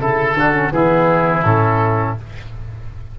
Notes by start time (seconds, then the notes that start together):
0.00 C#3 E4 A4
0.34 D3 D4 F#4
0.53 C#4
0.71 E3 B3 E4 G#4
1.44 A2 C#4 A4